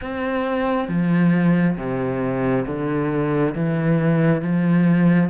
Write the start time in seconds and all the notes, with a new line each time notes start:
0.01 C4
0.88 F3
1.76 C3
2.66 D3
3.55 E3
4.41 F3